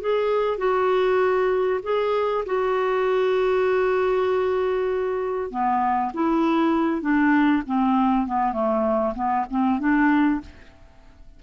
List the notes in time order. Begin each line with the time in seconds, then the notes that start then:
0.00 G#4
0.58 F#4
1.83 G#4
2.45 F#4
5.50 B3
6.13 E4
7.01 D4
7.66 C4
8.26 B3
8.52 A3
9.15 B3
9.50 C4
9.79 D4